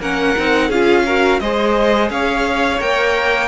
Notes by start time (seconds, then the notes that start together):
0.00 A#3 C#4 A#4 F#5
0.37 C4 D#4
0.69 C#4 F4 G#4 F5
1.06 F#4 A#4
1.40 G#3 G#4 C5 D#5
2.10 C#4 C#5 F5
2.80 A#3 A#4 G5